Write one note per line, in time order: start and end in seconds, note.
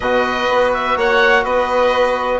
0.00 0.48 B2
0.00 2.40 F#4
0.00 0.97 B4
0.00 0.71 D#5
0.49 0.96 B3
0.73 0.97 E5
0.96 1.44 A#3
0.96 1.43 C#5
0.96 1.44 F#5
1.43 2.40 B3
1.43 2.40 B4
1.43 2.40 D#5